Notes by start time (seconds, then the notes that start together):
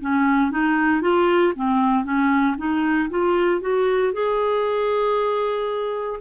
0.00 C#4
0.51 D#4
1.01 F4
1.55 C4
2.04 C#4
2.57 D#4
3.09 F4
3.61 F#4
4.13 G#4